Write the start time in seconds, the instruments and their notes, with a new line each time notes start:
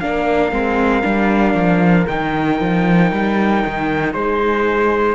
0.00 cello A#3, viola D4, horn A#4, trumpet F5
0.51 cello G#3, viola C4
1.02 cello G3, viola D4
1.54 cello F3
2.07 cello D#3, viola D#4, trumpet G5
2.60 cello F3
3.12 cello G3
3.66 cello D#3
4.13 cello G#3, horn G#4, trumpet C5